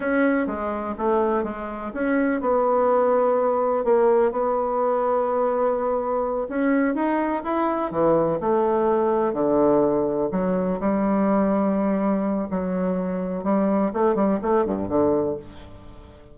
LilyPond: \new Staff \with { instrumentName = "bassoon" } { \time 4/4 \tempo 4 = 125 cis'4 gis4 a4 gis4 | cis'4 b2. | ais4 b2.~ | b4. cis'4 dis'4 e'8~ |
e'8 e4 a2 d8~ | d4. fis4 g4.~ | g2 fis2 | g4 a8 g8 a8 g,8 d4 | }